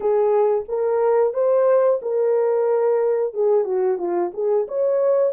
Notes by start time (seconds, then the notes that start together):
0.00 G#4
0.68 A#4
1.33 C5
2.02 A#4
3.33 G#4
3.64 F#4
3.98 F4
4.33 G#4
4.68 C#5